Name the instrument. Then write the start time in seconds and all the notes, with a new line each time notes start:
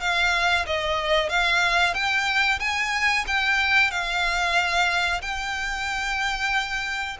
violin
0.00 F5
0.66 D#5
1.29 F5
1.94 G5
2.59 G#5
3.27 G5
3.90 F5
5.21 G5